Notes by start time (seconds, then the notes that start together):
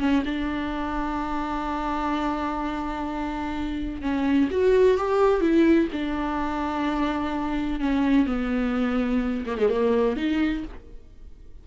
0.00 C#4
0.25 D4
4.02 C#4
4.51 F#4
4.98 G4
5.41 E4
5.93 D4
7.80 C#4
8.27 B3
9.46 A#3
9.58 G#3
9.70 A#3
10.17 D#4